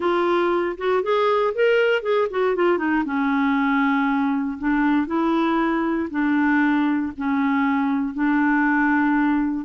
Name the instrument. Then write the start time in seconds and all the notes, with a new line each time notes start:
clarinet
0.00 F4
0.77 F#4
1.02 G#4
1.54 A#4
2.02 G#4
2.30 F#4
2.55 F4
2.78 D#4
3.05 C#4
4.58 D4
5.07 E4
6.10 D4
7.17 C#4
8.14 D4